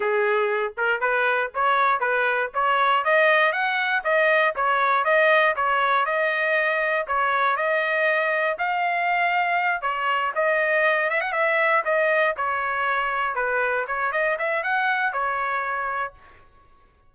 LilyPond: \new Staff \with { instrumentName = "trumpet" } { \time 4/4 \tempo 4 = 119 gis'4. ais'8 b'4 cis''4 | b'4 cis''4 dis''4 fis''4 | dis''4 cis''4 dis''4 cis''4 | dis''2 cis''4 dis''4~ |
dis''4 f''2~ f''8 cis''8~ | cis''8 dis''4. e''16 fis''16 e''4 dis''8~ | dis''8 cis''2 b'4 cis''8 | dis''8 e''8 fis''4 cis''2 | }